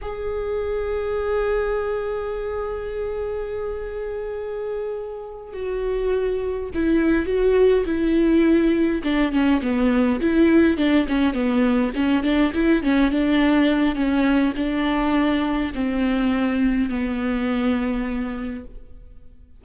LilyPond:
\new Staff \with { instrumentName = "viola" } { \time 4/4 \tempo 4 = 103 gis'1~ | gis'1~ | gis'4. fis'2 e'8~ | e'8 fis'4 e'2 d'8 |
cis'8 b4 e'4 d'8 cis'8 b8~ | b8 cis'8 d'8 e'8 cis'8 d'4. | cis'4 d'2 c'4~ | c'4 b2. | }